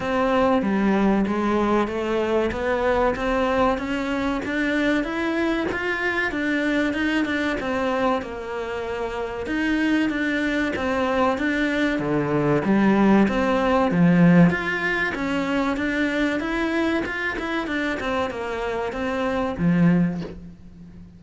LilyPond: \new Staff \with { instrumentName = "cello" } { \time 4/4 \tempo 4 = 95 c'4 g4 gis4 a4 | b4 c'4 cis'4 d'4 | e'4 f'4 d'4 dis'8 d'8 | c'4 ais2 dis'4 |
d'4 c'4 d'4 d4 | g4 c'4 f4 f'4 | cis'4 d'4 e'4 f'8 e'8 | d'8 c'8 ais4 c'4 f4 | }